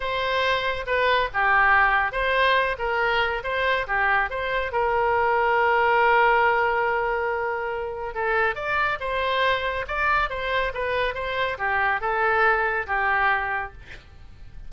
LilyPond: \new Staff \with { instrumentName = "oboe" } { \time 4/4 \tempo 4 = 140 c''2 b'4 g'4~ | g'4 c''4. ais'4. | c''4 g'4 c''4 ais'4~ | ais'1~ |
ais'2. a'4 | d''4 c''2 d''4 | c''4 b'4 c''4 g'4 | a'2 g'2 | }